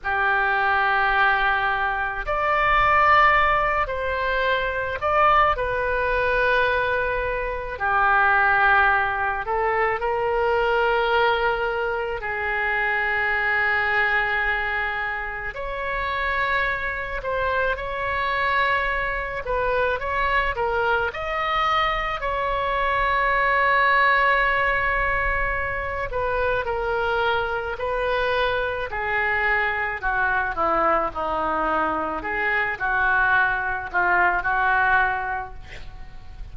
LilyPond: \new Staff \with { instrumentName = "oboe" } { \time 4/4 \tempo 4 = 54 g'2 d''4. c''8~ | c''8 d''8 b'2 g'4~ | g'8 a'8 ais'2 gis'4~ | gis'2 cis''4. c''8 |
cis''4. b'8 cis''8 ais'8 dis''4 | cis''2.~ cis''8 b'8 | ais'4 b'4 gis'4 fis'8 e'8 | dis'4 gis'8 fis'4 f'8 fis'4 | }